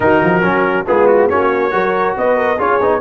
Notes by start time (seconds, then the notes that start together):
0.00 D#3 D#4 F#4 A#4
0.23 F3
0.42 F#3 C#4
0.87 G#3 B3 F4 G#4
1.06 F#4
1.28 A#3 C#4 F#4 C#5
1.70 F#3 F#4 A#4
2.17 B3 B4 D#5
2.36 A#4
2.57 C#4 F4 G#4 C#5
2.80 B3 D#4